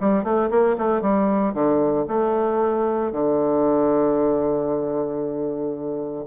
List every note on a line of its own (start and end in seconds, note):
0.00 0.23 G3
0.23 0.50 A3
0.50 0.76 A#3
0.77 1.01 A3
1.01 1.53 G3
1.53 2.06 D3
2.08 3.12 A3
3.12 6.25 D3